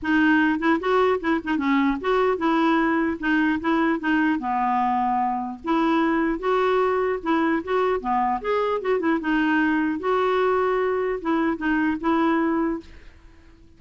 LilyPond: \new Staff \with { instrumentName = "clarinet" } { \time 4/4 \tempo 4 = 150 dis'4. e'8 fis'4 e'8 dis'8 | cis'4 fis'4 e'2 | dis'4 e'4 dis'4 b4~ | b2 e'2 |
fis'2 e'4 fis'4 | b4 gis'4 fis'8 e'8 dis'4~ | dis'4 fis'2. | e'4 dis'4 e'2 | }